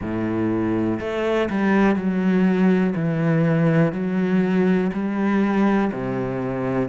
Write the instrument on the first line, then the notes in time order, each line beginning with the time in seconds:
cello
0.01 A2
1.00 A3
1.50 G3
1.95 F#3
2.95 E3
3.92 F#3
4.93 G3
5.92 C3